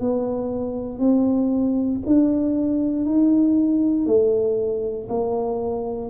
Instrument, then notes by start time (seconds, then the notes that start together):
tuba
0.00 B3
0.99 C4
2.06 D4
3.06 D#4
4.06 A3
5.09 A#3